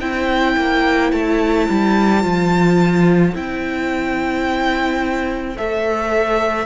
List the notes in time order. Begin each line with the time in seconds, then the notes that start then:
0.00 C4 E4 C5 G5
0.56 A#3
1.12 A3 A5
1.69 G3
2.21 F3 F4
3.33 C4 E4 G5
5.57 A3 A4 E5